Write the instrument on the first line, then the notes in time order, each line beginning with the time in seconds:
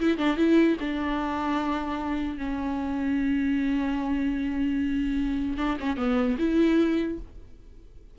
viola
0.00 E4
0.17 D4
0.37 E4
0.80 D4
2.37 C#4
5.57 D4
5.80 C#4
5.97 B3
6.38 E4